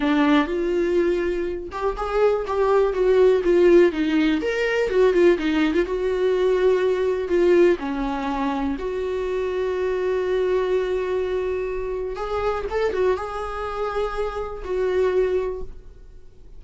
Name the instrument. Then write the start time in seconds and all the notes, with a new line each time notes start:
viola
0.00 D4
0.47 F4
1.71 G4
1.96 G#4
2.46 G4
2.93 F#4
3.44 F4
3.92 D#4
4.41 A#4
4.89 F#4
5.13 F4
5.37 D#4
5.73 F4
5.85 F#4
7.28 F4
7.79 C#4
8.78 F#4
12.16 G#4
12.70 A4
12.93 F#4
13.17 G#4
14.64 F#4